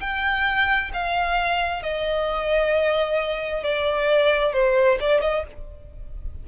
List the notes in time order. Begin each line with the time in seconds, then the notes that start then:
0.00 G5
0.93 F5
1.82 D#5
3.63 D5
4.53 C5
5.00 D5
5.21 D#5